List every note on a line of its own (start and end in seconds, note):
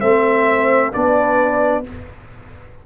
0.00 0.93 A3
0.00 0.92 C4
0.00 0.91 C5
0.00 0.92 E5
0.91 1.87 B3
0.91 1.84 D4
0.91 1.82 B4
0.91 1.85 D5